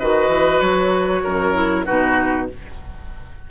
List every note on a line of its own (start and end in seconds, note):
0.00 0.29 D#3
0.00 1.54 F#4
0.00 1.24 B4
0.00 0.61 D#5
0.29 0.60 E3
0.61 1.23 F#3
0.61 1.84 C#5
1.24 1.88 F#2
1.24 1.86 A#4
1.54 1.85 E4
1.86 2.51 B2
1.86 2.49 D#4
1.86 2.48 F#4
1.86 2.48 B4